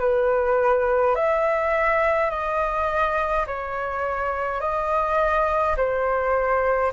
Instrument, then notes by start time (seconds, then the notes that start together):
flute
0.00 B4
1.16 E5
2.31 D#5
3.47 C#5
4.60 D#5
5.77 C5